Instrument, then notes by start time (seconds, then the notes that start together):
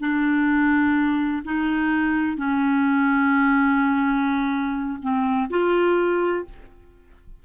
clarinet
0.00 D4
1.44 D#4
2.37 C#4
5.02 C4
5.50 F4